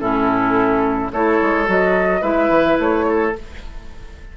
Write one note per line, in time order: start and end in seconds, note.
0.00 1.12 A2
0.00 1.12 C#4
0.00 1.12 E4
0.00 1.11 A4
1.12 1.40 A3
1.12 1.66 E4
1.12 2.22 A4
1.12 1.69 C#5
1.42 1.68 G#3
1.66 2.22 F#3
1.66 2.22 F#4
1.66 2.23 D#5
2.22 2.50 G#3
2.22 3.33 E4
2.22 3.05 B4
2.22 2.78 E5
2.50 2.77 E3
2.80 3.35 A3
2.80 3.36 C#5
3.09 3.37 A4